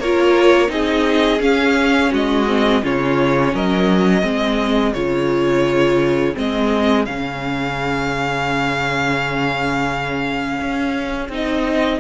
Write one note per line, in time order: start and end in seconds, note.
0.00 0.69 A#3
0.00 0.67 F4
0.00 0.71 A#4
0.00 0.71 C#5
0.67 1.40 C4
0.67 1.38 D#4
0.67 2.11 G#4
0.67 1.42 D#5
1.40 2.11 C#4
1.40 2.46 C#4
1.40 2.12 F5
2.11 2.84 G#3
2.11 2.82 F#4
2.11 2.85 D#5
2.47 2.83 C4
2.83 3.54 C#3
2.83 4.22 C#4
2.83 3.54 F4
2.83 3.55 C#5
3.54 4.23 F#3
3.54 4.24 A#4
3.54 4.94 D#5
4.22 4.94 G#3
4.22 4.93 C4
4.22 12.00 G#4
4.94 6.35 C#3
4.94 6.34 F4
4.94 6.35 C#5
6.34 7.07 G#3
6.34 7.05 C4
6.34 7.06 D#5
7.06 10.60 C#3
7.06 11.31 C#4
7.06 11.29 F5
10.61 11.29 C#4
11.29 12.00 C4
11.29 12.00 D#4
11.29 12.00 D#5